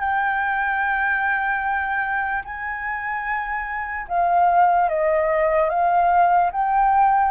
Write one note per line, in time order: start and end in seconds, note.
0.00 2.43 G5
2.45 4.07 G#5
4.09 4.89 F5
4.89 5.70 D#5
5.70 6.51 F5
6.52 7.32 G5